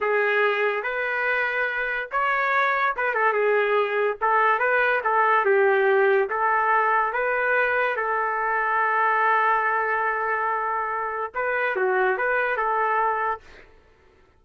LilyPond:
\new Staff \with { instrumentName = "trumpet" } { \time 4/4 \tempo 4 = 143 gis'2 b'2~ | b'4 cis''2 b'8 a'8 | gis'2 a'4 b'4 | a'4 g'2 a'4~ |
a'4 b'2 a'4~ | a'1~ | a'2. b'4 | fis'4 b'4 a'2 | }